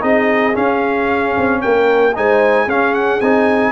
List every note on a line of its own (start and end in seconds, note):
0.00 0.56 C4
0.00 0.53 D#4
0.00 1.61 G#4
0.00 0.56 D#5
0.53 2.12 C#4
0.53 1.37 C#4
0.53 1.62 F5
1.37 1.64 C4
1.62 2.17 A#3
1.62 2.15 A#4
1.62 2.15 G5
2.15 2.67 G#3
2.15 2.68 D#4
2.15 2.66 C5
2.15 2.69 G#5
2.66 3.20 C#4
2.66 3.21 C#4
2.66 3.72 G#4
2.66 2.94 F5
2.94 3.20 F#5
3.20 3.72 C4
3.20 3.72 D#4
3.20 3.72 G#5